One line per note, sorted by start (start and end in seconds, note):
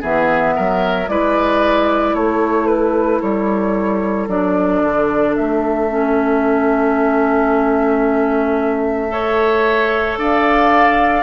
0.00 0.56 E3
0.00 1.07 B3
0.00 0.54 G#4
0.00 1.08 E5
0.56 1.08 F#3
0.56 1.09 A#4
1.07 2.13 G#3
1.07 4.28 E4
1.07 2.15 B4
1.07 2.14 D5
2.13 3.20 A3
2.13 9.11 A4
2.13 2.67 C#5
2.67 3.20 B4
3.20 4.28 G3
3.20 4.27 C#5
4.28 4.81 F#3
4.28 5.89 D4
4.28 5.35 D5
4.83 5.36 D3
5.35 10.17 A3
5.35 10.18 E5
5.89 9.08 C#4
9.08 11.23 A4
9.08 10.19 C#5
10.17 11.23 D4
10.17 11.23 D5
10.17 11.23 F5